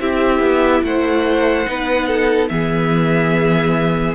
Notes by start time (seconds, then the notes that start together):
0.00 C4 E4 G4 E5
0.40 B3
0.84 A3 C5 F#5
1.66 B3 D#4 B4
2.07 A4
2.49 E3 B3 G#4 E5